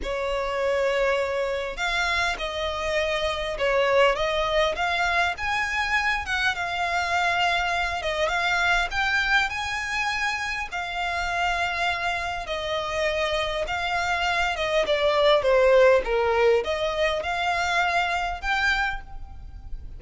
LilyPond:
\new Staff \with { instrumentName = "violin" } { \time 4/4 \tempo 4 = 101 cis''2. f''4 | dis''2 cis''4 dis''4 | f''4 gis''4. fis''8 f''4~ | f''4. dis''8 f''4 g''4 |
gis''2 f''2~ | f''4 dis''2 f''4~ | f''8 dis''8 d''4 c''4 ais'4 | dis''4 f''2 g''4 | }